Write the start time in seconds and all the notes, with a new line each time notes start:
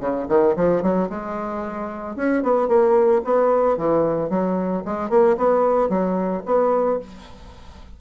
0.00 C#3
0.28 D#3
0.56 F3
0.82 F#3
1.09 G#3
2.16 C#4
2.43 B3
2.68 A#3
3.24 B3
3.77 E3
4.30 F#3
4.85 G#3
5.10 A#3
5.37 B3
5.89 F#3
6.45 B3